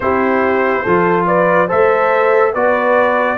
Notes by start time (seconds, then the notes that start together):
0.00 C4 E4 G4 C5
0.83 F3 F4 A4
1.26 B4 D5
1.67 A3 A4 C5 E5
2.52 B3 F#4 B4 D5